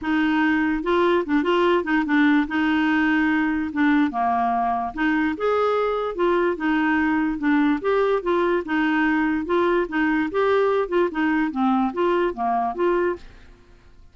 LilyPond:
\new Staff \with { instrumentName = "clarinet" } { \time 4/4 \tempo 4 = 146 dis'2 f'4 d'8 f'8~ | f'8 dis'8 d'4 dis'2~ | dis'4 d'4 ais2 | dis'4 gis'2 f'4 |
dis'2 d'4 g'4 | f'4 dis'2 f'4 | dis'4 g'4. f'8 dis'4 | c'4 f'4 ais4 f'4 | }